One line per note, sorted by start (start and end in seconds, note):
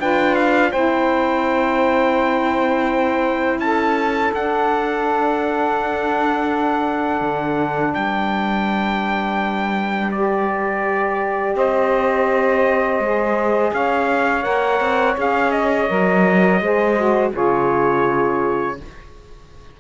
0.00 0.72 D4
0.00 0.73 F4
0.00 0.71 B4
0.00 0.35 G5
0.35 0.71 F5
0.71 3.59 C4
0.71 4.34 E4
0.71 3.61 C5
0.71 3.60 G5
3.59 4.31 C#4
3.59 7.97 A4
3.59 4.33 A5
4.34 7.21 D4
4.34 10.12 D4
4.34 7.95 F#5
7.21 7.94 D3
7.95 11.55 G3
7.95 11.56 B4
7.95 10.11 G5
10.12 13.03 G4
10.12 11.56 D5
11.55 13.00 C4
11.55 13.73 C5
11.55 13.74 D#5
13.00 13.72 G#3
13.00 14.43 G#4
13.74 14.46 C#4
13.74 16.63 C#5
13.74 14.43 F5
14.43 14.80 A#3
14.43 15.15 A#4
14.43 15.16 F#5
14.80 15.16 C4
15.17 15.90 C#4
15.17 15.88 G#4
15.17 15.52 F5
15.52 17.32 D#5
15.88 16.61 F#3
15.88 16.61 A#4
16.61 17.33 G#3
16.61 16.97 G#4
16.61 17.32 C5
16.97 17.33 F#4
17.32 18.80 C#3
17.32 18.77 F4
17.32 18.77 G#4
17.32 18.81 C#5